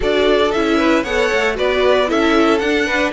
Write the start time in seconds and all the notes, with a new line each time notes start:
0.00 D4 F#4 A4 D5
0.51 C#4 E4 E5
0.77 B4
1.03 B3 A4 C#5 F#5
1.33 A3
1.54 B3 F#4 B4 D5
2.07 C#4 E4 A4 E5
2.58 D4 F#5
2.86 B4